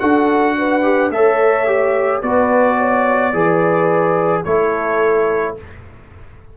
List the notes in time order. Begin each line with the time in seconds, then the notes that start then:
0.00 D4 F#4 A4 F#5
0.58 B4
0.82 G4
1.10 A3 A4 C#5 E5
1.67 G4
2.22 B3 F#4 B4 D5
2.78 C#5
3.34 E3 G#4 B4
4.44 A3 E4 A4 C#5